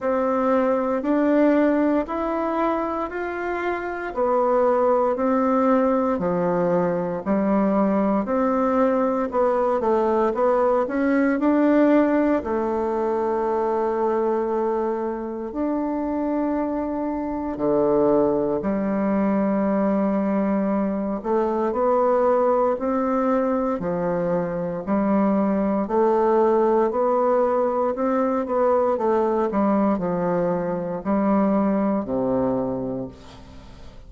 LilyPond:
\new Staff \with { instrumentName = "bassoon" } { \time 4/4 \tempo 4 = 58 c'4 d'4 e'4 f'4 | b4 c'4 f4 g4 | c'4 b8 a8 b8 cis'8 d'4 | a2. d'4~ |
d'4 d4 g2~ | g8 a8 b4 c'4 f4 | g4 a4 b4 c'8 b8 | a8 g8 f4 g4 c4 | }